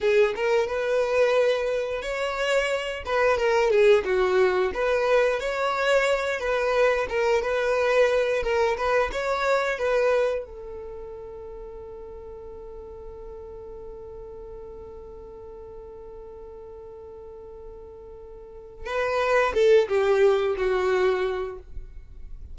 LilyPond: \new Staff \with { instrumentName = "violin" } { \time 4/4 \tempo 4 = 89 gis'8 ais'8 b'2 cis''4~ | cis''8 b'8 ais'8 gis'8 fis'4 b'4 | cis''4. b'4 ais'8 b'4~ | b'8 ais'8 b'8 cis''4 b'4 a'8~ |
a'1~ | a'1~ | a'1 | b'4 a'8 g'4 fis'4. | }